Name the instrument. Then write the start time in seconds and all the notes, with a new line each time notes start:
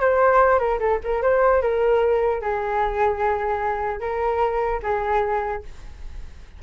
flute
0.00 C5
0.59 A#4
0.79 A4
1.03 A#4
1.22 C5
1.61 A#4
2.41 G#4
4.00 A#4
4.82 G#4